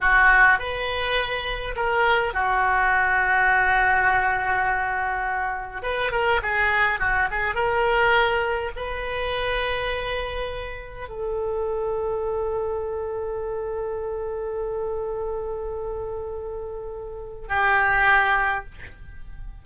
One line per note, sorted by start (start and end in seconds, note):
0.01 0.59 F#4
0.59 1.75 B4
1.76 2.33 A#4
2.33 5.82 F#4
5.82 6.11 B4
6.11 6.40 A#4
6.42 6.99 G#4
6.99 7.28 F#4
7.30 7.54 G#4
7.54 8.71 A#4
8.76 11.08 B4
11.08 17.48 A4
17.48 18.64 G4